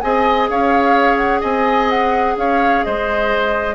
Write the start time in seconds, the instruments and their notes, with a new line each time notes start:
0.00 bassoon C4, clarinet G#4, oboe D#5, flute G#5
0.49 bassoon C#4, oboe C#5, flute F5
1.16 flute F#5
1.40 bassoon C4, oboe D#5, flute G#5
1.89 flute F#5
2.36 bassoon C#4, oboe C#5, flute F5
2.84 bassoon G#3, oboe C5, flute D#5